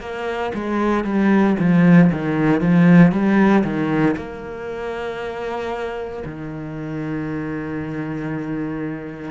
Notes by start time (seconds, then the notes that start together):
0.00 A#3
0.54 G#3
1.04 G3
1.59 F3
2.12 D#3
2.60 F3
3.11 G3
3.63 D#3
4.16 A#3
6.25 D#3